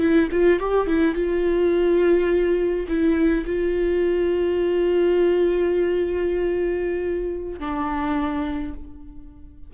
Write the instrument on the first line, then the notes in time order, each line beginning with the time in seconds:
viola
0.00 E4
0.32 F4
0.60 G4
0.87 E4
1.15 F4
2.88 E4
3.46 F4
7.60 D4